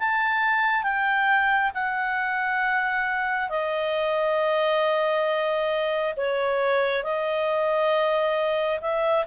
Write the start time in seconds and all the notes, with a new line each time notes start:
0.00 A5
0.83 G5
1.75 F#5
3.50 D#5
6.17 C#5
7.04 D#5
8.82 E5